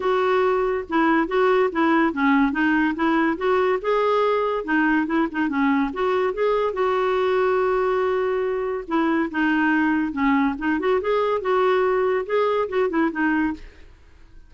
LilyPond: \new Staff \with { instrumentName = "clarinet" } { \time 4/4 \tempo 4 = 142 fis'2 e'4 fis'4 | e'4 cis'4 dis'4 e'4 | fis'4 gis'2 dis'4 | e'8 dis'8 cis'4 fis'4 gis'4 |
fis'1~ | fis'4 e'4 dis'2 | cis'4 dis'8 fis'8 gis'4 fis'4~ | fis'4 gis'4 fis'8 e'8 dis'4 | }